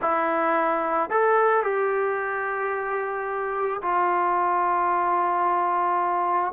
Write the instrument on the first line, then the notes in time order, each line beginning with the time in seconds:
trombone
0.01 E4
1.10 A4
1.63 G4
3.82 F4